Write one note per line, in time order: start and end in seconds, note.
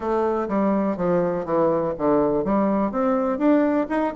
0.00 0.48 A3
0.48 0.96 G3
0.96 1.45 F3
1.45 1.93 E3
1.98 2.44 D3
2.44 2.91 G3
2.91 3.38 C4
3.38 3.86 D4
3.89 4.13 D#4